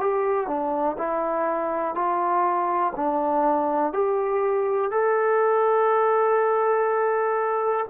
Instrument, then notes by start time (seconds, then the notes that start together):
trombone
0.00 G4
0.47 D4
0.98 E4
1.95 F4
2.96 D4
3.93 G4
4.91 A4